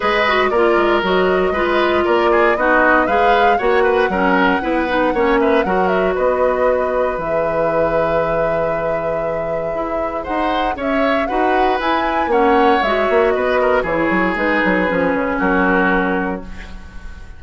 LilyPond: <<
  \new Staff \with { instrumentName = "flute" } { \time 4/4 \tempo 4 = 117 dis''4 d''4 dis''2 | d''4 dis''4 f''4 fis''4~ | fis''2~ fis''8 e''8 fis''8 e''8 | dis''2 e''2~ |
e''1 | fis''4 e''4 fis''4 gis''4 | fis''4 e''4 dis''4 cis''4 | b'2 ais'2 | }
  \new Staff \with { instrumentName = "oboe" } { \time 4/4 b'4 ais'2 b'4 | ais'8 gis'8 fis'4 b'4 cis''8 b'8 | ais'4 b'4 cis''8 b'8 ais'4 | b'1~ |
b'1 | c''4 cis''4 b'2 | cis''2 b'8 ais'8 gis'4~ | gis'2 fis'2 | }
  \new Staff \with { instrumentName = "clarinet" } { \time 4/4 gis'8 fis'8 f'4 fis'4 f'4~ | f'4 dis'4 gis'4 fis'4 | cis'4 e'8 dis'8 cis'4 fis'4~ | fis'2 gis'2~ |
gis'1~ | gis'2 fis'4 e'4 | cis'4 fis'2 e'4 | dis'4 cis'2. | }
  \new Staff \with { instrumentName = "bassoon" } { \time 4/4 gis4 ais8 gis8 fis4 gis4 | ais4 b4 gis4 ais4 | fis4 b4 ais4 fis4 | b2 e2~ |
e2. e'4 | dis'4 cis'4 dis'4 e'4 | ais4 gis8 ais8 b4 e8 fis8 | gis8 fis8 f8 cis8 fis2 | }
>>